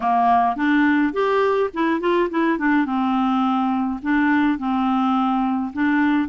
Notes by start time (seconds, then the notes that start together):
0.00 A#3
0.56 D4
1.13 G4
1.73 E4
2.00 F4
2.29 E4
2.58 D4
2.85 C4
4.02 D4
4.58 C4
5.73 D4